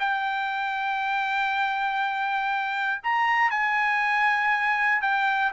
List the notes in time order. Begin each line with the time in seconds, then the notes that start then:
0.00 G5
3.03 A#5
3.51 G#5
5.02 G5